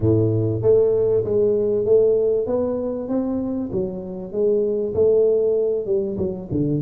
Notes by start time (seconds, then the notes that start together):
0.00 A2
0.62 A3
1.24 G#3
1.85 A3
2.46 B3
3.08 C4
3.71 F#3
4.32 G#3
4.94 A3
5.86 G3
6.17 F#3
6.51 D3